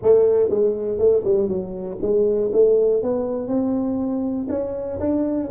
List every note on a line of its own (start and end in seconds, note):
0.02 0.49 A3
0.49 0.98 G#3
0.98 1.23 A3
1.24 1.48 G3
1.48 1.98 F#3
2.01 2.51 G#3
2.52 3.02 A3
3.02 3.47 B3
3.47 4.47 C4
4.49 4.99 C#4
4.99 5.49 D4